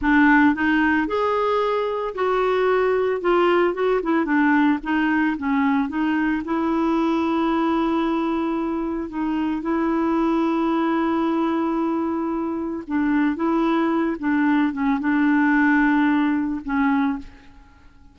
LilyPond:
\new Staff \with { instrumentName = "clarinet" } { \time 4/4 \tempo 4 = 112 d'4 dis'4 gis'2 | fis'2 f'4 fis'8 e'8 | d'4 dis'4 cis'4 dis'4 | e'1~ |
e'4 dis'4 e'2~ | e'1 | d'4 e'4. d'4 cis'8 | d'2. cis'4 | }